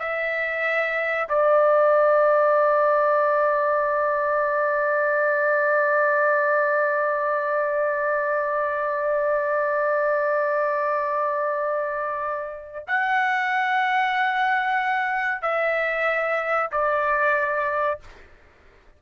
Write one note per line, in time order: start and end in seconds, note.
0.00 1.29 E5
1.29 12.86 D5
12.88 15.42 F#5
15.42 16.71 E5
16.72 18.00 D5